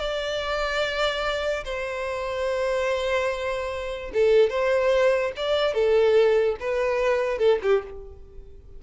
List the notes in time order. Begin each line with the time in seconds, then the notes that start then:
0.00 D5
1.65 C5
4.14 A4
4.50 C5
5.37 D5
5.74 A4
6.60 B4
7.39 A4
7.63 G4